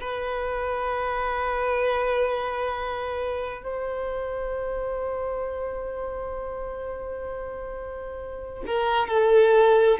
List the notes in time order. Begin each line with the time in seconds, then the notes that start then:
0.00 B4
3.63 C5
8.66 A#4
9.07 A4